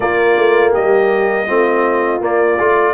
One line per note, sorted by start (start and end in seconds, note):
0.00 1.47 A#3
0.00 0.37 A#3
0.00 0.71 F4
0.00 0.72 D5
0.37 0.74 A3
0.71 1.49 G3
0.71 1.45 G4
0.71 2.22 D#5
1.46 2.21 A3
1.46 2.20 C4
1.46 2.94 F4
2.20 2.57 A#3
2.20 2.58 A#3
2.20 2.94 D5
2.59 2.94 A3
2.59 2.94 F4